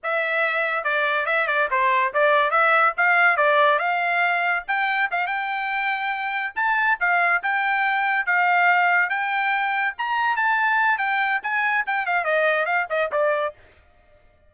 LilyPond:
\new Staff \with { instrumentName = "trumpet" } { \time 4/4 \tempo 4 = 142 e''2 d''4 e''8 d''8 | c''4 d''4 e''4 f''4 | d''4 f''2 g''4 | f''8 g''2. a''8~ |
a''8 f''4 g''2 f''8~ | f''4. g''2 ais''8~ | ais''8 a''4. g''4 gis''4 | g''8 f''8 dis''4 f''8 dis''8 d''4 | }